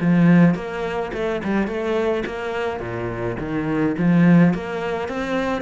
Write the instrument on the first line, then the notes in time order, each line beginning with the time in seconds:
cello
0.00 F3
0.55 A#3
1.13 A3
1.44 G3
1.67 A3
2.26 A#3
2.80 A#2
3.39 D#3
3.98 F3
4.53 A#3
5.08 C4